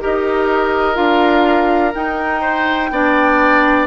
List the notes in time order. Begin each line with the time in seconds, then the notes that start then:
0.00 D#4 G4 A#4 D#5
0.95 D4 F4 F5
1.94 D#4 G5
2.41 C5
2.91 B3 D4 D5